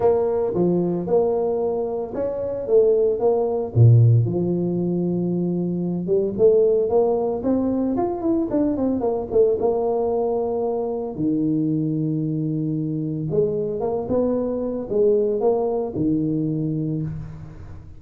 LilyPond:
\new Staff \with { instrumentName = "tuba" } { \time 4/4 \tempo 4 = 113 ais4 f4 ais2 | cis'4 a4 ais4 ais,4 | f2.~ f8 g8 | a4 ais4 c'4 f'8 e'8 |
d'8 c'8 ais8 a8 ais2~ | ais4 dis2.~ | dis4 gis4 ais8 b4. | gis4 ais4 dis2 | }